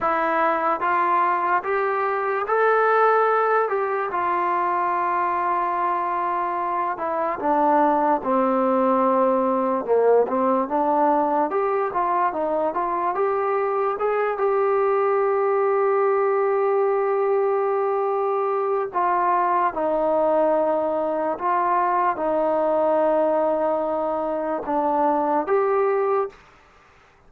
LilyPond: \new Staff \with { instrumentName = "trombone" } { \time 4/4 \tempo 4 = 73 e'4 f'4 g'4 a'4~ | a'8 g'8 f'2.~ | f'8 e'8 d'4 c'2 | ais8 c'8 d'4 g'8 f'8 dis'8 f'8 |
g'4 gis'8 g'2~ g'8~ | g'2. f'4 | dis'2 f'4 dis'4~ | dis'2 d'4 g'4 | }